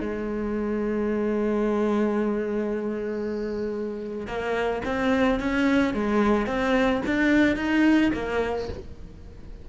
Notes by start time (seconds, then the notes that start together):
0.00 G#3
4.27 A#3
4.85 C4
5.39 C#4
5.93 G#3
6.47 C4
7.06 D4
7.56 D#4
8.13 A#3